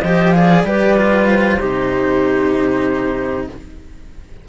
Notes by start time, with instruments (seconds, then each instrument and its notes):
0.00 cello F3 G4, clarinet C5, flute D#5
0.30 cello G#4, clarinet D5, flute F5
0.63 cello G3 G4, clarinet B4, flute D5
0.96 cello F4
1.28 flute C5
1.59 cello C3 D#4, clarinet G4